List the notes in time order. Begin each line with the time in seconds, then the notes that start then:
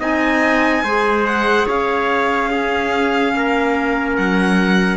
0.00 C4 D#4 D#5 G#5
0.83 G#3 G#4 C5
1.26 F#5
1.66 C#4 C#5 F5
2.51 C#4 G#4
3.34 A#3 A#4
4.16 F#3 F#5